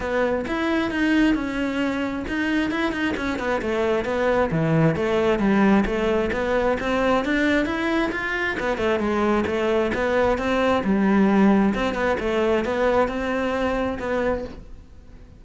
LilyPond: \new Staff \with { instrumentName = "cello" } { \time 4/4 \tempo 4 = 133 b4 e'4 dis'4 cis'4~ | cis'4 dis'4 e'8 dis'8 cis'8 b8 | a4 b4 e4 a4 | g4 a4 b4 c'4 |
d'4 e'4 f'4 b8 a8 | gis4 a4 b4 c'4 | g2 c'8 b8 a4 | b4 c'2 b4 | }